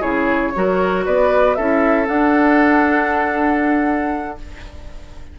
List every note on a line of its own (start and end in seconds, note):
0.00 0.54 C#3
0.00 0.52 E4
0.00 0.51 G#4
0.00 1.04 C#5
0.54 1.06 F#3
0.54 1.57 F#4
0.54 1.05 A#4
1.05 1.57 B3
1.05 1.56 B4
1.05 1.55 D5
1.55 2.07 C#4
1.55 2.06 E4
1.55 4.39 A4
1.55 2.06 E5
2.06 4.37 D4
2.06 4.38 D4
2.06 4.38 F#5